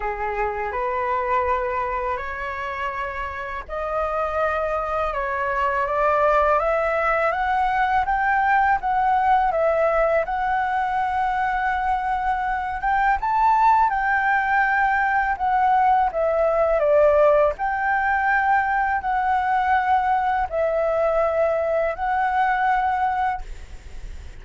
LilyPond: \new Staff \with { instrumentName = "flute" } { \time 4/4 \tempo 4 = 82 gis'4 b'2 cis''4~ | cis''4 dis''2 cis''4 | d''4 e''4 fis''4 g''4 | fis''4 e''4 fis''2~ |
fis''4. g''8 a''4 g''4~ | g''4 fis''4 e''4 d''4 | g''2 fis''2 | e''2 fis''2 | }